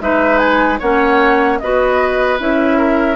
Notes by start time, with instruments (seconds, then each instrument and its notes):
0.00 bassoon G#3, clarinet D#4, oboe B4, flute E5
0.38 flute G#5
0.79 bassoon A#3, clarinet C#4, oboe C#5, flute F#5
1.59 bassoon B3, clarinet F#4, oboe B4, flute D#5
2.39 bassoon C#4, clarinet E4, flute E5
2.78 oboe A#4